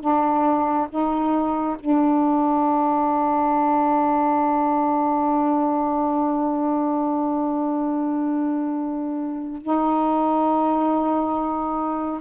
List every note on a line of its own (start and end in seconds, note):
0.00 0.87 D4
0.89 1.76 D#4
1.79 9.62 D4
9.62 12.20 D#4